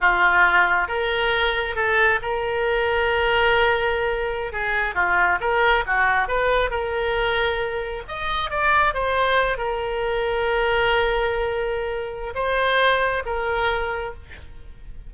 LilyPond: \new Staff \with { instrumentName = "oboe" } { \time 4/4 \tempo 4 = 136 f'2 ais'2 | a'4 ais'2.~ | ais'2~ ais'16 gis'4 f'8.~ | f'16 ais'4 fis'4 b'4 ais'8.~ |
ais'2~ ais'16 dis''4 d''8.~ | d''16 c''4. ais'2~ ais'16~ | ais'1 | c''2 ais'2 | }